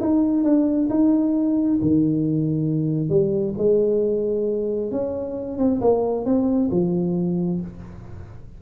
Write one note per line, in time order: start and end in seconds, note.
0.00 0.44 D#4
0.44 0.88 D4
0.89 1.79 D#4
1.81 3.09 D#3
3.09 3.54 G3
3.58 4.91 G#3
4.91 5.58 C#4
5.58 5.80 C4
5.81 6.25 A#3
6.25 6.70 C4
6.71 7.60 F3